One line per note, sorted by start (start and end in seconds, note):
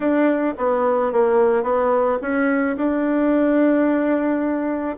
0.00 0.54 D4
0.57 1.12 B3
1.12 1.63 A#3
1.63 2.18 B3
2.21 2.76 C#4
2.76 4.97 D4